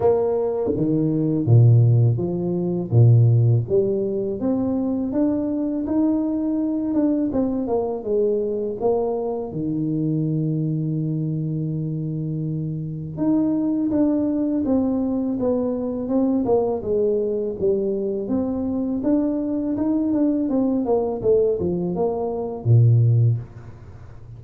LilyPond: \new Staff \with { instrumentName = "tuba" } { \time 4/4 \tempo 4 = 82 ais4 dis4 ais,4 f4 | ais,4 g4 c'4 d'4 | dis'4. d'8 c'8 ais8 gis4 | ais4 dis2.~ |
dis2 dis'4 d'4 | c'4 b4 c'8 ais8 gis4 | g4 c'4 d'4 dis'8 d'8 | c'8 ais8 a8 f8 ais4 ais,4 | }